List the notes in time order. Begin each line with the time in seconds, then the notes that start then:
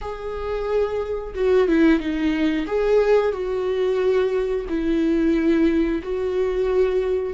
0.01 G#4
1.35 F#4
1.68 E4
1.99 D#4
2.66 G#4
3.32 F#4
4.68 E4
6.02 F#4